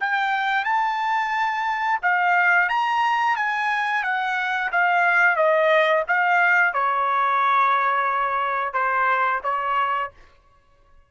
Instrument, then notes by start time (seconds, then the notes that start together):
trumpet
0.00 G5
0.64 A5
2.02 F5
2.69 A#5
3.36 G#5
4.03 F#5
4.71 F5
5.36 D#5
6.08 F5
6.73 C#5
8.73 C5
9.43 C#5